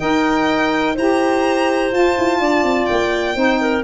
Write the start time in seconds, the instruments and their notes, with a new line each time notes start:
0.00 tuba D#4, saxophone A#4, clarinet D#5, violin G5
0.95 tuba E4, saxophone G4, clarinet C5, violin A#5
1.92 saxophone F4, tuba F4, violin A5
2.18 tuba E4
2.40 tuba D4, clarinet D5
2.64 tuba C4
2.86 tuba A#3, violin G5
3.35 tuba C4, saxophone D#4, clarinet C5
3.61 clarinet A#4